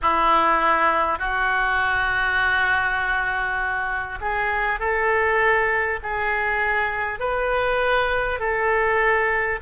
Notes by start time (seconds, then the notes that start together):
0.02 E4
1.18 F#4
4.20 G#4
4.79 A4
6.03 G#4
7.19 B4
8.39 A4